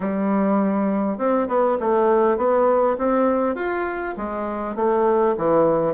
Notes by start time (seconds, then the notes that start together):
0.00 G3
1.17 C4
1.48 B3
1.80 A3
2.37 B3
2.98 C4
3.55 F4
4.17 G#3
4.75 A3
5.37 E3